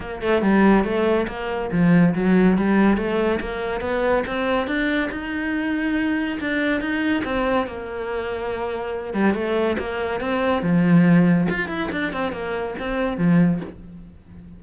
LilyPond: \new Staff \with { instrumentName = "cello" } { \time 4/4 \tempo 4 = 141 ais8 a8 g4 a4 ais4 | f4 fis4 g4 a4 | ais4 b4 c'4 d'4 | dis'2. d'4 |
dis'4 c'4 ais2~ | ais4. g8 a4 ais4 | c'4 f2 f'8 e'8 | d'8 c'8 ais4 c'4 f4 | }